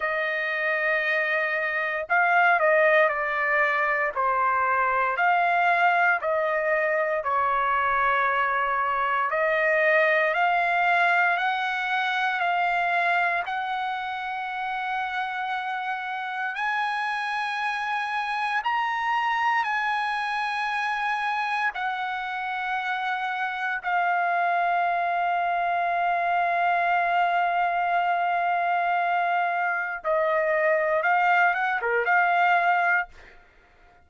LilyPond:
\new Staff \with { instrumentName = "trumpet" } { \time 4/4 \tempo 4 = 58 dis''2 f''8 dis''8 d''4 | c''4 f''4 dis''4 cis''4~ | cis''4 dis''4 f''4 fis''4 | f''4 fis''2. |
gis''2 ais''4 gis''4~ | gis''4 fis''2 f''4~ | f''1~ | f''4 dis''4 f''8 fis''16 ais'16 f''4 | }